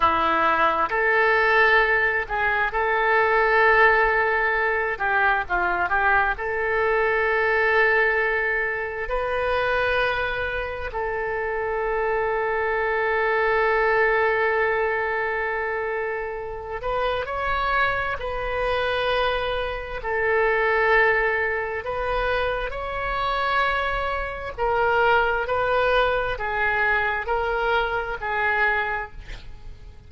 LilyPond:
\new Staff \with { instrumentName = "oboe" } { \time 4/4 \tempo 4 = 66 e'4 a'4. gis'8 a'4~ | a'4. g'8 f'8 g'8 a'4~ | a'2 b'2 | a'1~ |
a'2~ a'8 b'8 cis''4 | b'2 a'2 | b'4 cis''2 ais'4 | b'4 gis'4 ais'4 gis'4 | }